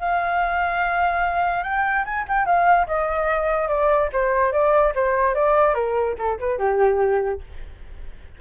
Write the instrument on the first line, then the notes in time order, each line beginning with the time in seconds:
flute
0.00 F5
1.64 G5
2.05 G#5
2.29 G5
2.46 F5
2.87 D#5
3.69 D5
4.13 C5
4.53 D5
4.95 C5
5.35 D5
5.74 A#4
6.18 A4
6.39 B4
6.59 G4